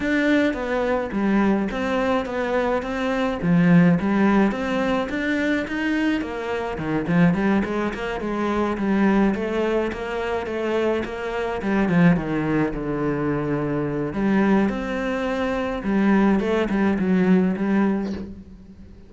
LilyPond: \new Staff \with { instrumentName = "cello" } { \time 4/4 \tempo 4 = 106 d'4 b4 g4 c'4 | b4 c'4 f4 g4 | c'4 d'4 dis'4 ais4 | dis8 f8 g8 gis8 ais8 gis4 g8~ |
g8 a4 ais4 a4 ais8~ | ais8 g8 f8 dis4 d4.~ | d4 g4 c'2 | g4 a8 g8 fis4 g4 | }